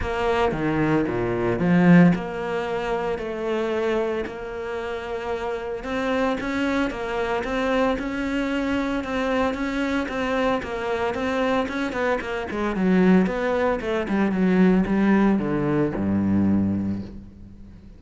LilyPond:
\new Staff \with { instrumentName = "cello" } { \time 4/4 \tempo 4 = 113 ais4 dis4 ais,4 f4 | ais2 a2 | ais2. c'4 | cis'4 ais4 c'4 cis'4~ |
cis'4 c'4 cis'4 c'4 | ais4 c'4 cis'8 b8 ais8 gis8 | fis4 b4 a8 g8 fis4 | g4 d4 g,2 | }